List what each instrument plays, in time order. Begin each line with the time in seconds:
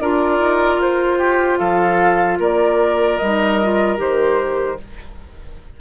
0.00 bassoon D4, clarinet F4, oboe A#4, flute D5
0.39 bassoon D#4
0.77 bassoon F4, flute C5
1.19 oboe G4
1.58 bassoon F3, oboe A4, flute F5
2.39 bassoon A#3, oboe A#4, flute D5
3.17 bassoon G3, flute D#5
3.24 clarinet D#4
3.63 clarinet F4
3.97 bassoon D#3, clarinet G4, flute C5